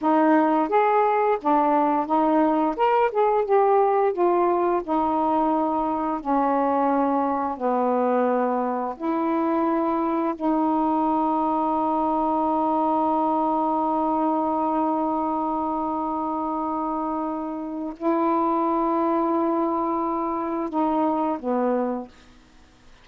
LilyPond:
\new Staff \with { instrumentName = "saxophone" } { \time 4/4 \tempo 4 = 87 dis'4 gis'4 d'4 dis'4 | ais'8 gis'8 g'4 f'4 dis'4~ | dis'4 cis'2 b4~ | b4 e'2 dis'4~ |
dis'1~ | dis'1~ | dis'2 e'2~ | e'2 dis'4 b4 | }